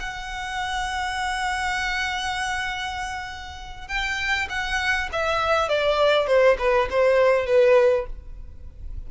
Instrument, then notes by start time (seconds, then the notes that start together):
violin
0.00 F#5
3.88 G5
4.50 F#5
5.12 E5
5.69 D5
6.28 C5
6.59 B4
6.91 C5
7.47 B4